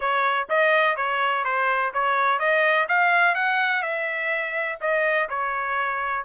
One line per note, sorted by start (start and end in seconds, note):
0.00 0.47 C#5
0.49 0.96 D#5
0.96 1.44 C#5
1.44 1.92 C5
1.93 2.39 C#5
2.39 2.87 D#5
2.88 3.35 F5
3.35 3.82 F#5
3.82 4.78 E5
4.80 5.28 D#5
5.29 6.24 C#5